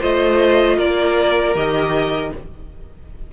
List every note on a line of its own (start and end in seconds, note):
0.00 0.79 A3
0.00 1.55 F4
0.00 0.77 C5
0.00 0.79 D#5
0.78 1.55 A#3
0.78 2.32 A#4
0.78 1.56 D5
1.55 2.32 D#3
1.55 2.32 G4
1.55 2.33 D#5